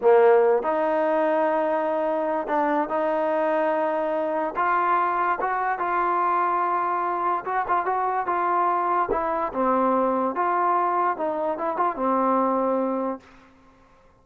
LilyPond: \new Staff \with { instrumentName = "trombone" } { \time 4/4 \tempo 4 = 145 ais4. dis'2~ dis'8~ | dis'2 d'4 dis'4~ | dis'2. f'4~ | f'4 fis'4 f'2~ |
f'2 fis'8 f'8 fis'4 | f'2 e'4 c'4~ | c'4 f'2 dis'4 | e'8 f'8 c'2. | }